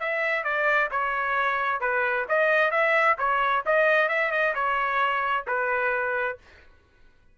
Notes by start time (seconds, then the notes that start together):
0.00 E5
0.44 D5
0.91 C#5
1.81 B4
2.29 D#5
2.71 E5
3.19 C#5
3.66 D#5
4.09 E5
4.32 D#5
4.55 C#5
5.47 B4